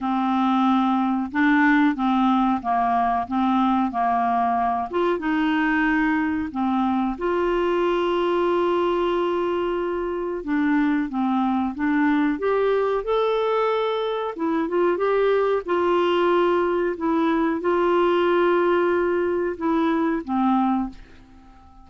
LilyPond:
\new Staff \with { instrumentName = "clarinet" } { \time 4/4 \tempo 4 = 92 c'2 d'4 c'4 | ais4 c'4 ais4. f'8 | dis'2 c'4 f'4~ | f'1 |
d'4 c'4 d'4 g'4 | a'2 e'8 f'8 g'4 | f'2 e'4 f'4~ | f'2 e'4 c'4 | }